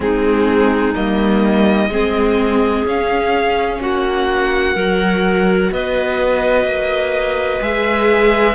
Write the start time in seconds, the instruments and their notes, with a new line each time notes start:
0.00 cello G#3, viola C4, clarinet D#4, violin G#4
0.94 cello G3, viola A#3, violin D#5
1.88 cello G#3, viola C4, clarinet G#4
2.84 cello C#4, viola C#4, violin F5
3.80 cello A#3, clarinet F#4, violin F#5
4.74 cello F#3, viola F#4, clarinet A#4
5.71 cello B3, clarinet B4, violin D#5
6.64 cello A#3
7.61 cello G#3, viola G#4, violin E5